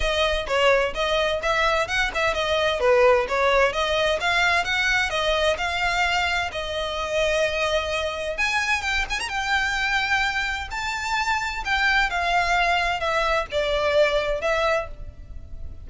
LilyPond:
\new Staff \with { instrumentName = "violin" } { \time 4/4 \tempo 4 = 129 dis''4 cis''4 dis''4 e''4 | fis''8 e''8 dis''4 b'4 cis''4 | dis''4 f''4 fis''4 dis''4 | f''2 dis''2~ |
dis''2 gis''4 g''8 gis''16 ais''16 | g''2. a''4~ | a''4 g''4 f''2 | e''4 d''2 e''4 | }